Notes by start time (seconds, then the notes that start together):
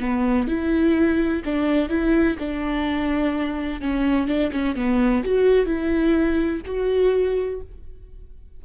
0.00 B3
0.47 E4
1.45 D4
1.89 E4
2.39 D4
3.81 C#4
4.28 D4
4.52 C#4
4.76 B3
5.24 F#4
5.66 E4
6.66 F#4